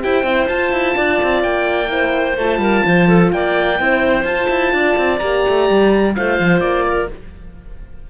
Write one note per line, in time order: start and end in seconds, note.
0.00 0.24 E4
0.00 0.24 G4
0.00 0.96 C5
0.00 0.48 G5
0.24 0.47 C4
0.24 0.49 E4
0.48 0.72 F4
0.48 1.88 F4
0.48 1.43 A5
0.72 0.96 E4
0.96 1.22 D4
0.96 1.91 D5
1.23 1.44 C4
1.43 2.38 A#3
1.43 2.38 G5
1.88 2.35 E4
1.88 2.61 C5
2.38 2.58 A3
2.38 3.78 F4
2.38 3.33 A5
2.58 2.82 G3
2.58 2.85 A#4
2.86 3.33 F3
2.86 3.08 C5
3.08 3.32 A4
3.33 3.80 A#3
3.33 3.81 D5
3.33 4.26 G5
3.78 4.24 C4
3.78 4.25 E4
3.78 4.74 C5
4.24 4.48 F4
4.24 5.20 F4
4.24 5.19 A5
4.50 4.73 E4
4.73 4.97 D4
4.73 6.16 D5
4.97 5.21 C4
5.19 5.45 A#3
5.19 6.15 G4
5.19 6.13 A#5
5.49 5.70 A3
5.70 6.17 G3
6.15 6.40 A3
6.15 7.10 F4
6.15 6.86 C5
6.15 6.61 F5
6.40 6.61 F3
6.61 7.08 A#3
6.61 7.08 D5
6.86 7.10 A#4